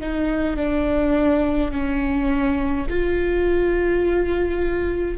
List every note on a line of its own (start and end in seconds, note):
0.00 0.56 D#4
0.56 1.71 D4
1.71 2.86 C#4
2.90 5.18 F4